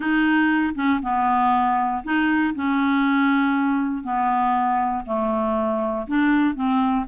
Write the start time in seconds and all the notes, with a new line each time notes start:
0.00 D#4
0.74 C#4
1.02 B3
2.04 D#4
2.55 C#4
4.03 B3
5.05 A3
6.07 D4
6.54 C4